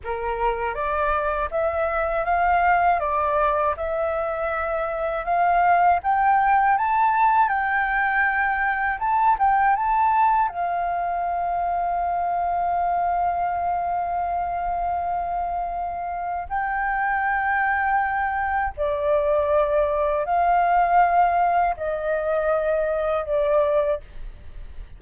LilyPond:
\new Staff \with { instrumentName = "flute" } { \time 4/4 \tempo 4 = 80 ais'4 d''4 e''4 f''4 | d''4 e''2 f''4 | g''4 a''4 g''2 | a''8 g''8 a''4 f''2~ |
f''1~ | f''2 g''2~ | g''4 d''2 f''4~ | f''4 dis''2 d''4 | }